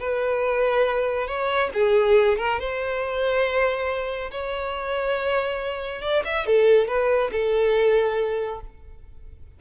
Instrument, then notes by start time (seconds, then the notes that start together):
violin
0.00 B4
1.28 C#5
1.74 G#4
2.38 A#4
2.60 C5
4.31 C#5
6.02 D5
6.25 E5
6.47 A4
6.88 B4
7.32 A4